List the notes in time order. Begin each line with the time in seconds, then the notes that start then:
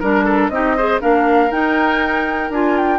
0.00 G3 D4 A#4
0.25 A4
0.49 C4 D#4 G4 D#5
0.77 G#4 C5
1.00 A#3 D4 A#4 F5
1.51 D#4 G5
2.50 D4 F4 G#5
2.78 G5